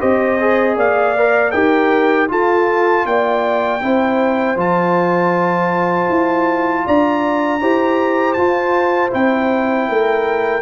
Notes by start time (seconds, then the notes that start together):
0.00 C4 G4 C5 D#5
0.41 G#4
0.76 A#3 D5 F5
1.18 A#4
1.52 D#4 G4 A#4 G5
2.29 F4 A4 A5
3.06 A#3 D5 G5
3.82 C4 E4 C5
4.56 F3 F4 A5
6.09 E4
6.86 D4 D5 A#5
7.61 E4 G4 C5
8.34 F4 A5
9.11 C4 E4 G5
9.90 A3 A#4